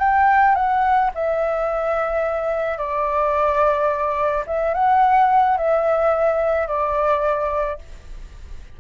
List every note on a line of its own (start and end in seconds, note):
0.00 0.55 G5
0.55 1.11 F#5
1.15 2.78 E5
2.78 4.45 D5
4.47 4.74 E5
4.74 5.58 F#5
5.58 6.68 E5
6.68 7.79 D5